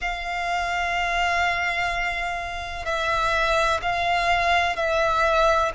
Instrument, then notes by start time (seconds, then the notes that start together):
violin
0.01 F5
2.85 E5
3.81 F5
4.76 E5